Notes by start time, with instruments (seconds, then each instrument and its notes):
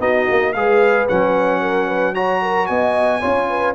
0.00 tuba B3, trombone D#4, horn F#4, trumpet D#5
0.30 tuba A#3
0.53 tuba G#3, trombone G#4, horn B4, trumpet F5
1.09 tuba F#3, trombone C#4, trumpet F#5
1.62 horn A#4
1.87 horn B4
2.15 trombone F#4, horn C#5, trumpet A#5
2.42 horn A#4
2.67 tuba B3, horn D#5, trumpet G#5
3.21 tuba C#4, trombone F4, horn C#5
3.49 horn B4